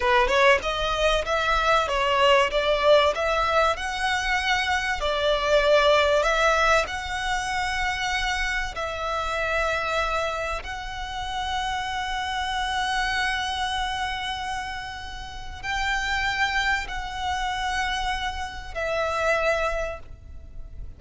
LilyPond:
\new Staff \with { instrumentName = "violin" } { \time 4/4 \tempo 4 = 96 b'8 cis''8 dis''4 e''4 cis''4 | d''4 e''4 fis''2 | d''2 e''4 fis''4~ | fis''2 e''2~ |
e''4 fis''2.~ | fis''1~ | fis''4 g''2 fis''4~ | fis''2 e''2 | }